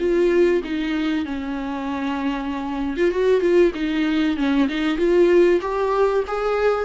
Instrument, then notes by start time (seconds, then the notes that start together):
viola
0.00 F4
0.64 D#4
1.26 C#4
2.97 F4
3.11 F#4
3.41 F4
3.75 D#4
4.37 C#4
4.69 D#4
4.98 F4
5.62 G4
6.28 G#4